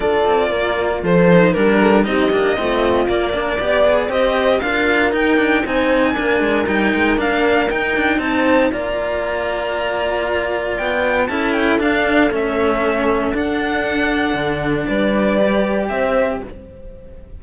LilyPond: <<
  \new Staff \with { instrumentName = "violin" } { \time 4/4 \tempo 4 = 117 d''2 c''4 ais'4 | dis''2 d''2 | dis''4 f''4 g''4 gis''4~ | gis''4 g''4 f''4 g''4 |
a''4 ais''2.~ | ais''4 g''4 a''8 g''8 f''4 | e''2 fis''2~ | fis''4 d''2 e''4 | }
  \new Staff \with { instrumentName = "horn" } { \time 4/4 a'4 ais'4 a'4 ais'8 a'8 | g'4 f'4. ais'8 d''4 | c''4 ais'2 c''4 | ais'1 |
c''4 d''2.~ | d''2 a'2~ | a'1~ | a'4 b'2 c''4 | }
  \new Staff \with { instrumentName = "cello" } { \time 4/4 f'2~ f'8 dis'8 d'4 | dis'8 d'8 c'4 ais8 d'8 g'8 gis'8 | g'4 f'4 dis'8 d'8 dis'4 | d'4 dis'4 d'4 dis'4~ |
dis'4 f'2.~ | f'2 e'4 d'4 | cis'2 d'2~ | d'2 g'2 | }
  \new Staff \with { instrumentName = "cello" } { \time 4/4 d'8 c'8 ais4 f4 g4 | c'8 ais8 a4 ais4 b4 | c'4 d'4 dis'4 c'4 | ais8 gis8 g8 gis8 ais4 dis'8 d'8 |
c'4 ais2.~ | ais4 b4 cis'4 d'4 | a2 d'2 | d4 g2 c'4 | }
>>